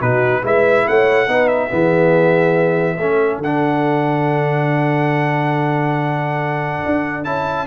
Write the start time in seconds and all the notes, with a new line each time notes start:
0.00 B2 D#4 F#4 B4
0.42 G#3 E4 B4 E5
0.88 A3 C#5 F#5
1.27 B3 D#4 B4
1.48 E5
1.70 E3 B3 G#4
2.97 A3 C#4 A4
3.39 D3 D4 F#5
6.85 D4
7.24 C#4 E4 A5